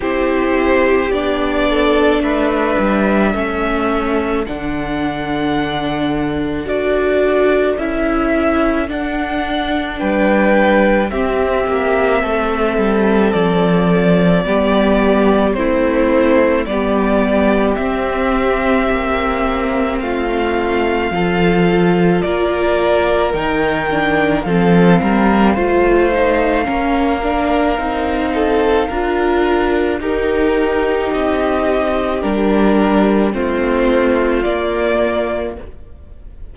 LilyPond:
<<
  \new Staff \with { instrumentName = "violin" } { \time 4/4 \tempo 4 = 54 c''4 d''4 e''2 | fis''2 d''4 e''4 | fis''4 g''4 e''2 | d''2 c''4 d''4 |
e''2 f''2 | d''4 g''4 f''2~ | f''2. ais'4 | dis''4 ais'4 c''4 d''4 | }
  \new Staff \with { instrumentName = "violin" } { \time 4/4 g'4. a'8 b'4 a'4~ | a'1~ | a'4 b'4 g'4 a'4~ | a'4 g'4 e'4 g'4~ |
g'2 f'4 a'4 | ais'2 a'8 ais'8 c''4 | ais'4. a'8 ais'4 g'4~ | g'2 f'2 | }
  \new Staff \with { instrumentName = "viola" } { \time 4/4 e'4 d'2 cis'4 | d'2 fis'4 e'4 | d'2 c'2~ | c'4 b4 c'4 b4 |
c'2. f'4~ | f'4 dis'8 d'8 c'4 f'8 dis'8 | cis'8 d'8 dis'4 f'4 dis'4~ | dis'4 d'4 c'4 ais4 | }
  \new Staff \with { instrumentName = "cello" } { \time 4/4 c'4 b4 a8 g8 a4 | d2 d'4 cis'4 | d'4 g4 c'8 ais8 a8 g8 | f4 g4 a4 g4 |
c'4 ais4 a4 f4 | ais4 dis4 f8 g8 a4 | ais4 c'4 d'4 dis'4 | c'4 g4 a4 ais4 | }
>>